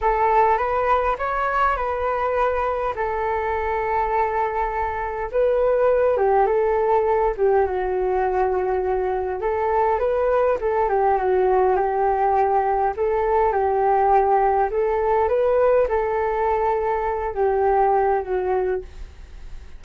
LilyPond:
\new Staff \with { instrumentName = "flute" } { \time 4/4 \tempo 4 = 102 a'4 b'4 cis''4 b'4~ | b'4 a'2.~ | a'4 b'4. g'8 a'4~ | a'8 g'8 fis'2. |
a'4 b'4 a'8 g'8 fis'4 | g'2 a'4 g'4~ | g'4 a'4 b'4 a'4~ | a'4. g'4. fis'4 | }